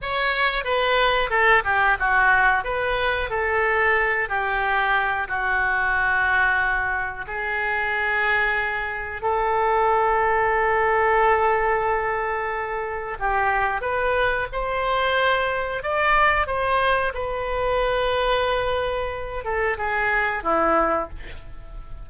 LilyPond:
\new Staff \with { instrumentName = "oboe" } { \time 4/4 \tempo 4 = 91 cis''4 b'4 a'8 g'8 fis'4 | b'4 a'4. g'4. | fis'2. gis'4~ | gis'2 a'2~ |
a'1 | g'4 b'4 c''2 | d''4 c''4 b'2~ | b'4. a'8 gis'4 e'4 | }